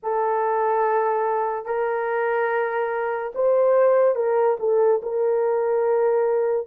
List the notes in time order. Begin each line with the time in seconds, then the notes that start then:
0.02 A4
1.65 A#4
3.34 C5
4.15 A#4
4.59 A4
5.02 A#4